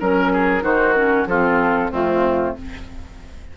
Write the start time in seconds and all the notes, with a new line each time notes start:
0.00 F#3 C#4 A#4
0.32 G#4
0.61 D#3 D#4 F#4 C5
0.93 C#4 A#4
1.26 F3 C4 F4 A4
1.91 F2 A3 C4 F4